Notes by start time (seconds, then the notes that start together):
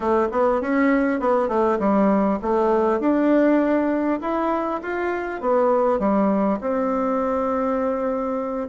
0.00 A3
0.31 B3
0.61 C#4
1.20 B3
1.48 A3
1.79 G3
2.42 A3
2.99 D4
4.20 E4
4.82 F4
5.40 B3
5.99 G3
6.60 C4